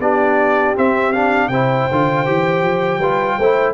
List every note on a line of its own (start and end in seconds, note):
0.00 0.75 B3
0.00 0.76 D4
0.00 1.50 G4
0.00 0.76 D5
0.76 1.13 C4
0.76 1.49 C4
0.76 1.13 E5
1.13 1.51 D4
1.13 1.49 F5
1.49 1.86 C3
1.49 1.91 E4
1.49 3.00 C5
1.49 3.74 G5
1.91 2.28 D3
1.91 2.26 F4
2.26 2.63 E3
2.26 3.01 G4
2.63 2.99 F3
2.99 3.36 G3
2.99 3.41 F4
2.99 3.38 B4
3.39 3.75 A3
3.39 3.75 E4
3.39 3.75 C5